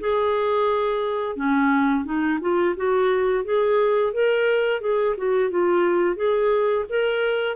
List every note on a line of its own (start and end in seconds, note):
0.00 1.36 G#4
1.36 2.05 C#4
2.05 2.39 D#4
2.41 2.75 F4
2.76 3.45 F#4
3.45 4.13 G#4
4.13 4.81 A#4
4.81 5.16 G#4
5.17 5.50 F#4
5.50 6.16 F4
6.16 6.85 G#4
6.89 7.56 A#4